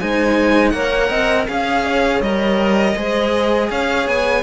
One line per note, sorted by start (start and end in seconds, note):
0.00 0.74 G#3
0.00 0.74 D#4
0.00 0.74 C5
0.00 0.70 G#5
0.70 1.11 A#3
0.70 1.48 A#4
0.70 1.10 C#5
0.70 1.44 F#5
1.10 1.48 C4
1.10 1.47 D#5
1.48 2.21 C#4
1.48 2.22 G#4
1.48 2.22 F5
1.48 1.85 F5
1.85 2.96 C#5
2.21 2.95 G3
2.21 2.97 A#4
2.21 3.70 D#5
2.96 3.70 G#3
2.96 4.44 G#4
2.96 3.71 C5
3.71 4.07 C#4
3.71 4.44 C#5
3.71 4.08 F5
4.07 4.44 B3
4.07 4.44 G#5